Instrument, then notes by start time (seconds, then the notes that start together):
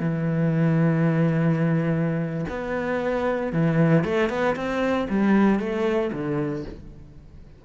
cello
0.00 E3
2.49 B3
3.53 E3
4.05 A3
4.30 B3
4.56 C4
5.09 G3
5.59 A3
6.13 D3